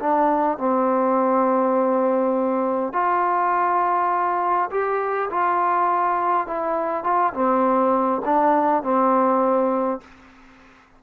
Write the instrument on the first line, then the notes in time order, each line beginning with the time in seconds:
trombone
0.00 D4
0.58 C4
2.93 F4
4.71 G4
5.30 F4
6.47 E4
7.04 F4
7.34 C4
8.25 D4
8.83 C4